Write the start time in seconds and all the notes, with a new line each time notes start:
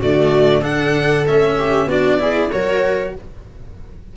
0.00 D3 A3 F#4 D5
0.61 D4 A4 F#5
1.28 A3 C#4 E5
1.59 G4
1.86 B3 D4 F#4 D5
2.20 E4 G#4
2.52 F#3 F#4 A#4 C#5